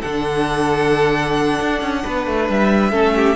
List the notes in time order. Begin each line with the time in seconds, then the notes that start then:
0.00 D3 D4 A4 F#5
1.60 D4
1.81 C#4
2.04 B3 B4
2.26 A3
2.49 G3 E5
2.91 A3 C#4 A4
3.15 G4